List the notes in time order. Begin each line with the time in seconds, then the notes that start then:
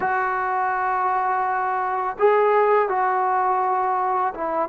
0.00 F#4
2.18 G#4
2.88 F#4
4.34 E4